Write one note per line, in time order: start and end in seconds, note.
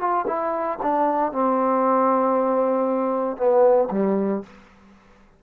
0.00 0.26 F4
0.27 0.79 E4
0.82 1.33 D4
1.33 3.37 C4
3.37 3.89 B3
3.91 4.43 G3